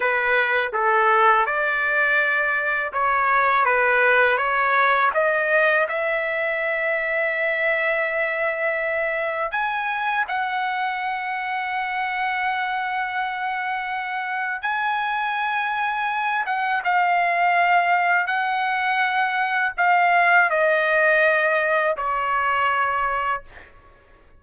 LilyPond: \new Staff \with { instrumentName = "trumpet" } { \time 4/4 \tempo 4 = 82 b'4 a'4 d''2 | cis''4 b'4 cis''4 dis''4 | e''1~ | e''4 gis''4 fis''2~ |
fis''1 | gis''2~ gis''8 fis''8 f''4~ | f''4 fis''2 f''4 | dis''2 cis''2 | }